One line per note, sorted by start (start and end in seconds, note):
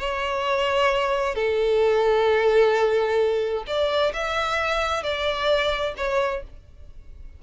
0.00 1.36 C#5
1.36 3.65 A4
3.67 4.13 D5
4.14 5.04 E5
5.04 5.95 D5
5.98 6.43 C#5